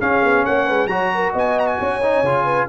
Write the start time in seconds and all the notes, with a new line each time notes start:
0.00 C#4 G#4 F5
0.22 B3
0.45 A#3 C#5 F#5
0.66 G#3 B4
0.86 F#3 F#4 C#5 A#5
1.14 A#4
1.33 B3 D#5 G#5
1.59 A#5
1.67 G#5
1.80 C#4 C#5
2.02 D#4
2.22 C#3 F4
2.44 B4